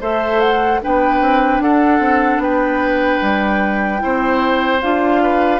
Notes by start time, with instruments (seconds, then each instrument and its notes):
0.00 bassoon A3, clarinet A4, oboe C5, flute E5
0.40 flute F#5
0.82 bassoon B3, clarinet D4, oboe B4, flute G5
1.20 bassoon C4
1.60 bassoon D4, oboe A4, flute F#5
1.99 bassoon C4
2.38 bassoon B3, oboe B4, flute G5
3.21 bassoon G3
3.98 bassoon C4, clarinet E4, oboe C5
4.82 bassoon D4, clarinet F4, flute F5
5.22 oboe B4